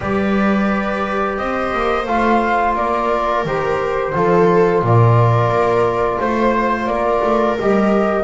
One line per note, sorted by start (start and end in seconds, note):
0.00 1.38 G3
0.00 2.04 G4
0.00 1.38 B4
0.00 1.36 D5
1.36 1.73 C4
1.36 2.76 C5
1.36 2.05 D#5
1.73 2.06 A#3
2.06 2.75 A3
2.06 3.46 F4
2.06 2.75 F5
2.75 3.44 A#3
2.75 4.15 A#4
2.75 3.45 D5
3.44 4.13 D#3
3.44 4.14 G4
3.44 4.84 C5
4.14 4.81 F3
4.14 7.58 F4
4.14 4.84 A4
4.81 5.49 A#2
4.81 6.21 A#4
4.81 6.20 D5
5.49 6.18 A#3
6.20 6.86 A3
6.20 6.86 C5
6.20 6.90 C5
6.86 7.20 A#3
6.86 8.23 A#4
6.86 7.55 D5
7.23 7.58 A3
7.60 8.23 G3
7.60 8.23 G4
7.60 8.23 D#5